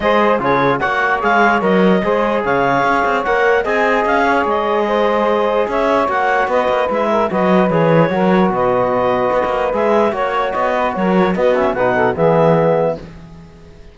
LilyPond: <<
  \new Staff \with { instrumentName = "clarinet" } { \time 4/4 \tempo 4 = 148 dis''4 cis''4 fis''4 f''4 | dis''2 f''2 | fis''4 gis''4 f''4 dis''4~ | dis''2 e''4 fis''4 |
dis''4 e''4 dis''4 cis''4~ | cis''4 dis''2. | e''4 cis''4 dis''4 cis''4 | dis''8 e''8 fis''4 e''2 | }
  \new Staff \with { instrumentName = "saxophone" } { \time 4/4 c''4 gis'4 cis''2~ | cis''4 c''4 cis''2~ | cis''4 dis''4. cis''4. | c''2 cis''2 |
b'4. ais'8 b'2 | ais'4 b'2.~ | b'4 cis''4. b'8 ais'4 | fis'4 b'8 a'8 gis'2 | }
  \new Staff \with { instrumentName = "trombone" } { \time 4/4 gis'4 f'4 fis'4 gis'4 | ais'4 gis'2. | ais'4 gis'2.~ | gis'2. fis'4~ |
fis'4 e'4 fis'4 gis'4 | fis'1 | gis'4 fis'2. | b8 cis'8 dis'4 b2 | }
  \new Staff \with { instrumentName = "cello" } { \time 4/4 gis4 cis4 ais4 gis4 | fis4 gis4 cis4 cis'8 c'8 | ais4 c'4 cis'4 gis4~ | gis2 cis'4 ais4 |
b8 ais8 gis4 fis4 e4 | fis4 b,2 b16 ais8. | gis4 ais4 b4 fis4 | b4 b,4 e2 | }
>>